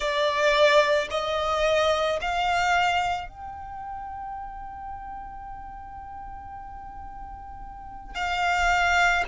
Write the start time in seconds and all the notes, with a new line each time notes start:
0.00 D5
1.10 D#5
2.21 F5
3.28 G5
8.15 F5